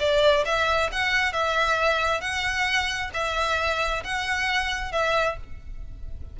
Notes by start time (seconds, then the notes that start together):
0.00 D5
0.46 E5
0.92 F#5
1.33 E5
2.21 F#5
3.14 E5
4.04 F#5
4.92 E5